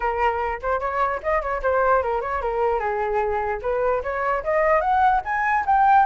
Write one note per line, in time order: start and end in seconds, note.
0.00 0.59 A#4
0.62 0.80 C5
0.80 1.20 C#5
1.22 1.41 D#5
1.41 1.61 C#5
1.62 2.02 C5
2.02 2.21 A#4
2.21 2.41 C#5
2.41 2.79 A#4
2.79 3.60 G#4
3.61 4.02 B4
4.03 4.43 C#5
4.43 4.80 D#5
4.80 5.21 F#5
5.24 5.65 G#5
5.66 6.06 G5